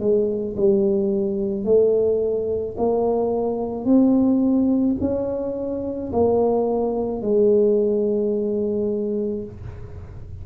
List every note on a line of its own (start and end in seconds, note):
0.00 0.56 G#3
0.57 1.65 G3
1.65 2.76 A3
2.78 3.85 A#3
3.85 4.96 C4
5.01 6.12 C#4
6.13 7.22 A#3
7.22 9.44 G#3